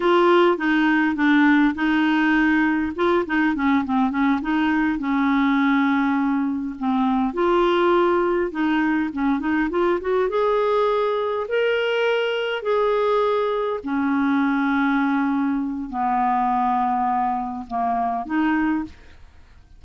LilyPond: \new Staff \with { instrumentName = "clarinet" } { \time 4/4 \tempo 4 = 102 f'4 dis'4 d'4 dis'4~ | dis'4 f'8 dis'8 cis'8 c'8 cis'8 dis'8~ | dis'8 cis'2. c'8~ | c'8 f'2 dis'4 cis'8 |
dis'8 f'8 fis'8 gis'2 ais'8~ | ais'4. gis'2 cis'8~ | cis'2. b4~ | b2 ais4 dis'4 | }